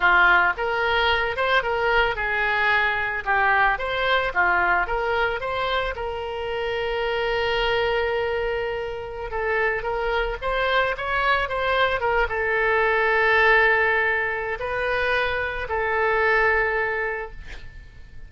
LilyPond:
\new Staff \with { instrumentName = "oboe" } { \time 4/4 \tempo 4 = 111 f'4 ais'4. c''8 ais'4 | gis'2 g'4 c''4 | f'4 ais'4 c''4 ais'4~ | ais'1~ |
ais'4~ ais'16 a'4 ais'4 c''8.~ | c''16 cis''4 c''4 ais'8 a'4~ a'16~ | a'2. b'4~ | b'4 a'2. | }